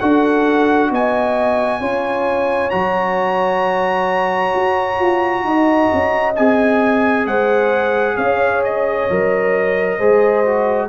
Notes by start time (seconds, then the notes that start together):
0.00 D4 F#4 A4 F#5
0.91 B3 D#5 G#5
1.81 C#4 F4 C#5
2.70 F#3 F#4 A#5
4.55 F#4
5.00 F4
5.44 D#4 D#5
5.94 C#4
6.36 C4 G#4 G#5
7.26 G#3 C5 F#5
8.17 C#4 C#5 F5
8.64 D#5
9.10 F#3 A#4
9.98 G#3 G#4 C5
10.45 F#4